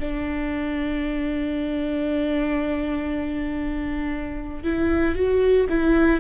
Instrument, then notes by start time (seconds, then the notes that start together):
viola
0.00 D4
4.64 E4
5.16 F#4
5.70 E4